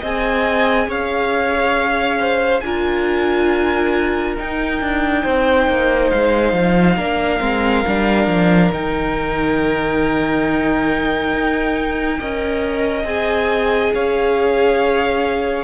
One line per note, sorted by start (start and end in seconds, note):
0.00 0.87 C4
0.00 2.64 G#4
0.00 0.87 D#5
0.00 0.91 G#5
0.87 2.61 C#4
0.87 2.19 C#5
0.87 2.61 F5
2.20 2.63 C5
2.61 4.36 D4
2.61 4.37 F4
2.61 5.23 A#4
2.61 4.34 G#5
4.37 6.98 D#4
4.37 4.81 D#4
4.37 6.10 G5
4.81 5.25 D4
5.23 5.68 C4
5.23 6.96 C5
5.68 6.11 A#3
6.10 6.53 G#3
6.10 8.71 F5
6.53 6.96 F3
6.96 7.40 A#3
6.96 7.40 D4
6.96 12.18 A#4
7.40 7.84 G#3
7.40 7.83 C4
7.87 8.27 G3
7.87 8.73 D4
8.27 8.71 F3
8.72 11.33 D#3
8.72 12.21 D#4
8.72 13.06 G5
11.33 12.20 D#4
12.20 13.04 C#4
12.20 13.05 A#4
12.20 13.94 D#5
13.04 13.91 C4
13.04 15.64 G#4
13.04 13.93 G#5
13.94 15.64 C#4
13.94 15.64 C#5
13.94 15.64 F5